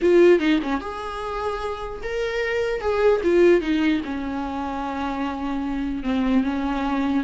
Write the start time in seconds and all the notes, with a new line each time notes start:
0.01 F4
0.39 D#4
0.63 C#4
0.80 G#4
2.02 A#4
2.81 G#4
3.23 F4
3.61 D#4
4.04 C#4
6.03 C4
6.43 C#4